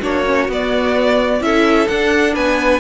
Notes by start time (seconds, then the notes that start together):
0.00 A#3 D4 F#4 C#5
0.26 C#4
0.48 B3 D5
1.41 C#4 E4 A4 E5
1.87 D4 F#5
2.33 B3 B4 G#5